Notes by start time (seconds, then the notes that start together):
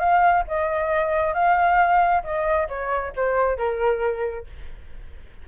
0.00 F5
0.48 D#5
1.35 F5
2.24 D#5
2.69 C#5
3.16 C5
3.58 A#4